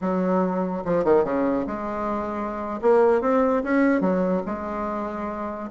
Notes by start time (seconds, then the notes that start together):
0.01 F#3
0.84 F3
1.04 D#3
1.24 C#3
1.66 G#3
2.81 A#3
3.21 C4
3.63 C#4
4.00 F#3
4.45 G#3